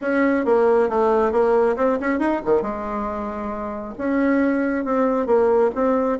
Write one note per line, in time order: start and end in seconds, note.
0.01 0.45 C#4
0.45 0.89 A#3
0.89 1.31 A3
1.31 1.75 A#3
1.76 1.98 C4
2.00 2.19 C#4
2.19 2.41 D#4
2.45 2.62 D#3
2.62 3.94 G#3
3.98 4.84 C#4
4.84 5.26 C4
5.26 5.70 A#3
5.75 6.19 C4